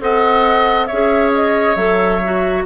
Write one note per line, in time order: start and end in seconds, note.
0.00 0.88 C4
0.00 0.88 A4
0.00 0.87 D#5
0.00 0.86 F#5
0.86 1.76 G#4
0.86 2.63 C#5
0.86 1.30 E5
0.92 1.75 C#4
1.34 1.75 D#5
1.75 2.64 F#3
1.75 2.20 A4
1.75 2.63 E5
2.23 2.66 F#4